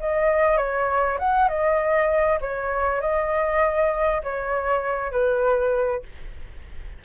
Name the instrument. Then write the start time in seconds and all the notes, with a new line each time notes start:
flute
0.00 D#5
0.57 C#5
1.19 F#5
1.48 D#5
2.41 C#5
3.01 D#5
4.23 C#5
5.12 B4